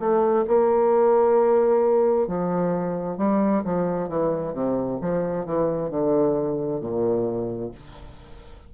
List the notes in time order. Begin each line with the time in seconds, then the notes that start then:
0.00 A3
0.48 A#3
2.27 F3
3.18 G3
3.64 F3
4.09 E3
4.54 C3
5.01 F3
5.46 E3
5.90 D3
6.81 A#2